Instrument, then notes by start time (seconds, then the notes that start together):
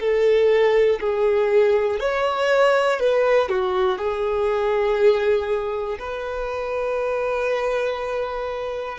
violin
0.00 A4
1.00 G#4
2.00 C#5
3.00 B4
3.49 F#4
3.99 G#4
5.99 B4